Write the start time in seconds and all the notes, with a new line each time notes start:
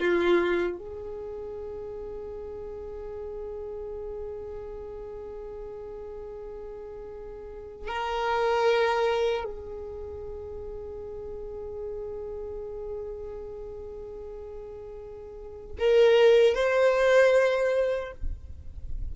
0.00 F4
0.79 G#4
7.88 A#4
9.44 G#4
15.79 A#4
16.55 C5